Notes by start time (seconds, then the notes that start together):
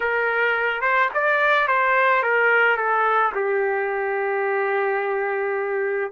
0.00 A#4
0.81 C5
1.14 D5
1.67 C5
2.22 A#4
2.76 A4
3.34 G4